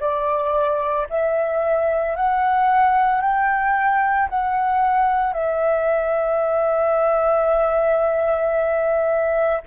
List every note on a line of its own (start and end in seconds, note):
0.00 1.07 D5
1.10 2.16 E5
2.16 3.21 F#5
3.21 4.29 G5
4.30 5.33 F#5
5.33 9.62 E5